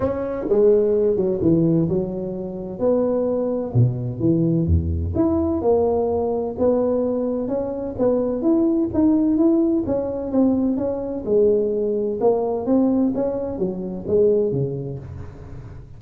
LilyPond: \new Staff \with { instrumentName = "tuba" } { \time 4/4 \tempo 4 = 128 cis'4 gis4. fis8 e4 | fis2 b2 | b,4 e4 e,4 e'4 | ais2 b2 |
cis'4 b4 e'4 dis'4 | e'4 cis'4 c'4 cis'4 | gis2 ais4 c'4 | cis'4 fis4 gis4 cis4 | }